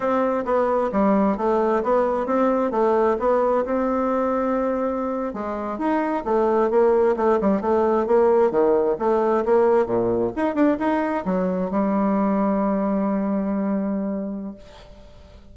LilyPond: \new Staff \with { instrumentName = "bassoon" } { \time 4/4 \tempo 4 = 132 c'4 b4 g4 a4 | b4 c'4 a4 b4 | c'2.~ c'8. gis16~ | gis8. dis'4 a4 ais4 a16~ |
a16 g8 a4 ais4 dis4 a16~ | a8. ais4 ais,4 dis'8 d'8 dis'16~ | dis'8. fis4 g2~ g16~ | g1 | }